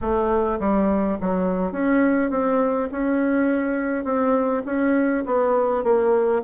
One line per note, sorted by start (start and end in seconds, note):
0.01 0.59 A3
0.59 1.18 G3
1.20 1.72 F#3
1.72 2.30 C#4
2.30 2.88 C4
2.91 4.04 C#4
4.04 4.62 C4
4.65 5.23 C#4
5.26 5.83 B3
5.83 6.42 A#3